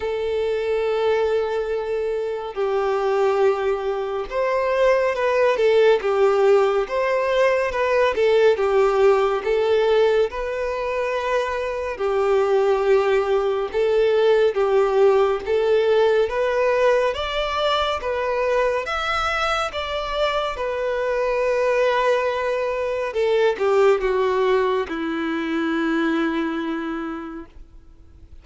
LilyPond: \new Staff \with { instrumentName = "violin" } { \time 4/4 \tempo 4 = 70 a'2. g'4~ | g'4 c''4 b'8 a'8 g'4 | c''4 b'8 a'8 g'4 a'4 | b'2 g'2 |
a'4 g'4 a'4 b'4 | d''4 b'4 e''4 d''4 | b'2. a'8 g'8 | fis'4 e'2. | }